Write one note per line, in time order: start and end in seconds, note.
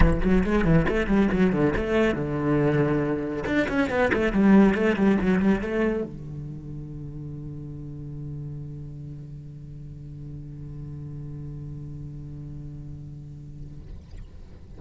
0.00 0.21 E3
0.24 0.44 F#3
0.44 0.64 G#3
0.64 0.86 E3
0.88 1.07 A3
1.07 1.28 G3
1.32 1.52 F#3
1.52 1.74 D3
1.76 2.14 A3
2.14 3.44 D3
3.46 3.67 D4
3.68 3.89 C#4
3.89 4.11 B3
4.13 4.32 A3
4.32 4.74 G3
4.74 4.95 A3
4.95 5.17 G3
5.21 5.39 F#3
5.39 5.60 G3
5.60 6.03 A3
6.03 13.80 D3